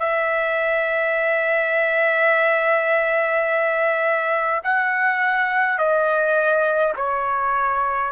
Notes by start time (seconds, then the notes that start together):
0.00 E5
4.64 F#5
5.78 D#5
6.97 C#5